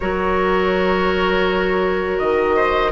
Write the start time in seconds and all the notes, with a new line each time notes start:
0.00 F#3 F#4 A#4 C#5
2.18 D#3 D#5
2.56 C5